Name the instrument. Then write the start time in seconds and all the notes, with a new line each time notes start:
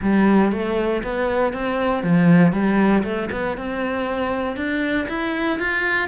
cello
0.02 G3
0.52 A3
1.03 B3
1.53 C4
2.03 F3
2.52 G3
3.03 A3
3.31 B3
3.57 C4
4.56 D4
5.08 E4
5.59 F4